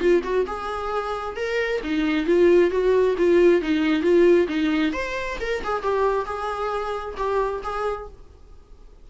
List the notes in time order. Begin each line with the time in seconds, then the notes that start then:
0.00 F4
0.24 F#4
0.47 G#4
1.36 A#4
1.84 D#4
2.26 F4
2.71 F#4
3.18 F4
3.61 D#4
4.02 F4
4.48 D#4
4.93 C5
5.40 A#4
5.64 G#4
5.83 G4
6.26 G#4
7.17 G4
7.63 G#4